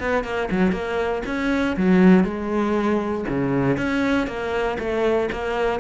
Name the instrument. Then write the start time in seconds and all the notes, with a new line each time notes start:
cello
0.00 B3
0.24 A#3
0.51 F#3
0.72 A#3
1.26 C#4
1.77 F#3
2.24 G#3
3.29 C#3
3.77 C#4
4.27 A#3
4.79 A3
5.32 A#3